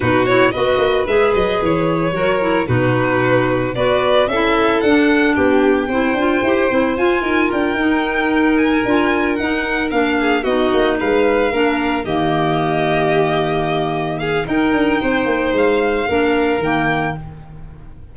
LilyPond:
<<
  \new Staff \with { instrumentName = "violin" } { \time 4/4 \tempo 4 = 112 b'8 cis''8 dis''4 e''8 dis''8 cis''4~ | cis''4 b'2 d''4 | e''4 fis''4 g''2~ | g''4 gis''4 g''2 |
gis''4. fis''4 f''4 dis''8~ | dis''8 f''2 dis''4.~ | dis''2~ dis''8 f''8 g''4~ | g''4 f''2 g''4 | }
  \new Staff \with { instrumentName = "violin" } { \time 4/4 fis'4 b'2. | ais'4 fis'2 b'4 | a'2 g'4 c''4~ | c''4. ais'2~ ais'8~ |
ais'2. gis'8 fis'8~ | fis'8 b'4 ais'4 g'4.~ | g'2~ g'8 gis'8 ais'4 | c''2 ais'2 | }
  \new Staff \with { instrumentName = "clarinet" } { \time 4/4 dis'8 e'8 fis'4 gis'2 | fis'8 e'8 dis'2 fis'4 | e'4 d'2 e'8 f'8 | g'8 e'8 f'4. dis'4.~ |
dis'8 f'4 dis'4 d'4 dis'8~ | dis'4. d'4 ais4.~ | ais2. dis'4~ | dis'2 d'4 ais4 | }
  \new Staff \with { instrumentName = "tuba" } { \time 4/4 b,4 b8 ais8 gis8 fis8 e4 | fis4 b,2 b4 | cis'4 d'4 b4 c'8 d'8 | e'8 c'8 f'8 dis'8 d'8 dis'4.~ |
dis'8 d'4 dis'4 ais4 b8 | ais8 gis4 ais4 dis4.~ | dis2. dis'8 d'8 | c'8 ais8 gis4 ais4 dis4 | }
>>